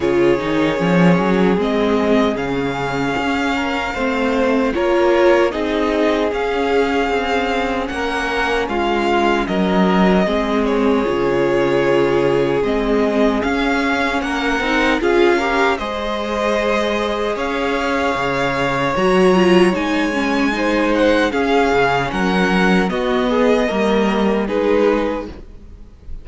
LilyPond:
<<
  \new Staff \with { instrumentName = "violin" } { \time 4/4 \tempo 4 = 76 cis''2 dis''4 f''4~ | f''2 cis''4 dis''4 | f''2 fis''4 f''4 | dis''4. cis''2~ cis''8 |
dis''4 f''4 fis''4 f''4 | dis''2 f''2 | ais''4 gis''4. fis''8 f''4 | fis''4 dis''2 b'4 | }
  \new Staff \with { instrumentName = "violin" } { \time 4/4 gis'1~ | gis'8 ais'8 c''4 ais'4 gis'4~ | gis'2 ais'4 f'4 | ais'4 gis'2.~ |
gis'2 ais'4 gis'8 ais'8 | c''2 cis''2~ | cis''2 c''4 gis'4 | ais'4 fis'8 gis'8 ais'4 gis'4 | }
  \new Staff \with { instrumentName = "viola" } { \time 4/4 f'8 dis'8 cis'4 c'4 cis'4~ | cis'4 c'4 f'4 dis'4 | cis'1~ | cis'4 c'4 f'2 |
c'4 cis'4. dis'8 f'8 g'8 | gis'1 | fis'8 f'8 dis'8 cis'8 dis'4 cis'4~ | cis'4 b4 ais4 dis'4 | }
  \new Staff \with { instrumentName = "cello" } { \time 4/4 cis8 dis8 f8 fis8 gis4 cis4 | cis'4 a4 ais4 c'4 | cis'4 c'4 ais4 gis4 | fis4 gis4 cis2 |
gis4 cis'4 ais8 c'8 cis'4 | gis2 cis'4 cis4 | fis4 gis2 cis'8 cis8 | fis4 b4 g4 gis4 | }
>>